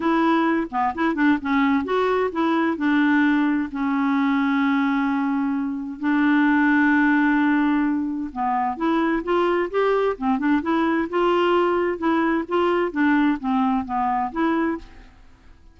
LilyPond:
\new Staff \with { instrumentName = "clarinet" } { \time 4/4 \tempo 4 = 130 e'4. b8 e'8 d'8 cis'4 | fis'4 e'4 d'2 | cis'1~ | cis'4 d'2.~ |
d'2 b4 e'4 | f'4 g'4 c'8 d'8 e'4 | f'2 e'4 f'4 | d'4 c'4 b4 e'4 | }